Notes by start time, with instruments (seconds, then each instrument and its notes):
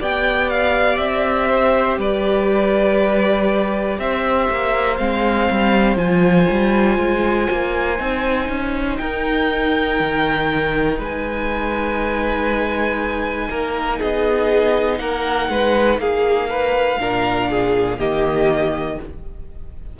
0.00 cello B3, viola G4, violin D5 G5
0.50 violin F5
0.98 cello C4, violin E5
1.49 violin C5
1.98 cello G3, violin B4 D5
3.99 cello C4, violin C5 E5
4.50 cello A#3
4.97 cello G#3, viola C4, violin F5
5.51 cello G3
5.97 cello F3, viola F4, violin G#5
6.51 cello G3
6.98 cello G#3
7.51 cello A#3
7.97 cello C4, viola D#4
8.49 cello C#4
8.97 cello D#4, violin A#4 G5
10.00 cello D#3
10.99 cello G#3, violin B4 G#5
13.50 cello A#3, violin A#4
14.00 cello B3, violin G#4 D#5
14.99 cello A#3, violin A#4 F#5
15.49 cello G#3, violin B4
15.98 cello A#3, violin G#4 F5
16.50 violin B4
17.00 cello A#2, viola D4, violin A#4
17.50 violin G#4
17.99 cello D#3, viola A#3, violin G4 D#5